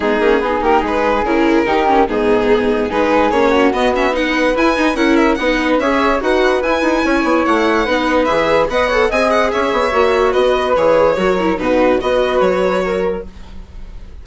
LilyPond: <<
  \new Staff \with { instrumentName = "violin" } { \time 4/4 \tempo 4 = 145 gis'4. ais'8 b'4 ais'4~ | ais'4 gis'2 b'4 | cis''4 dis''8 e''8 fis''4 gis''4 | fis''8 e''8 fis''4 e''4 fis''4 |
gis''2 fis''2 | e''4 fis''4 gis''8 fis''8 e''4~ | e''4 dis''4 cis''2 | b'4 dis''4 cis''2 | }
  \new Staff \with { instrumentName = "flute" } { \time 4/4 dis'4 gis'8 g'8 gis'2 | g'4 dis'2 gis'4~ | gis'8 fis'4. b'2 | ais'4 b'4 cis''4 b'4~ |
b'4 cis''2 b'4~ | b'4 dis''8 cis''8 dis''4 cis''4~ | cis''4 b'2 ais'4 | fis'4 b'2 ais'4 | }
  \new Staff \with { instrumentName = "viola" } { \time 4/4 b8 cis'8 dis'2 e'4 | dis'8 cis'8 b2 dis'4 | cis'4 b8 cis'8 dis'4 e'8 dis'8 | e'4 dis'4 gis'4 fis'4 |
e'2. dis'4 | gis'4 b'8 a'8 gis'2 | fis'2 gis'4 fis'8 e'8 | dis'4 fis'2. | }
  \new Staff \with { instrumentName = "bassoon" } { \time 4/4 gis8 ais8 b8 ais8 gis4 cis4 | dis4 gis,2 gis4 | ais4 b2 e'8 dis'8 | cis'4 b4 cis'4 dis'4 |
e'8 dis'8 cis'8 b8 a4 b4 | e4 b4 c'4 cis'8 b8 | ais4 b4 e4 fis4 | b,4 b4 fis2 | }
>>